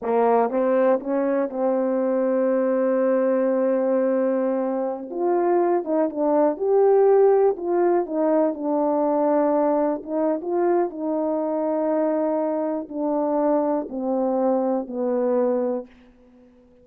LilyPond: \new Staff \with { instrumentName = "horn" } { \time 4/4 \tempo 4 = 121 ais4 c'4 cis'4 c'4~ | c'1~ | c'2~ c'16 f'4. dis'16~ | dis'16 d'4 g'2 f'8.~ |
f'16 dis'4 d'2~ d'8.~ | d'16 dis'8. f'4 dis'2~ | dis'2 d'2 | c'2 b2 | }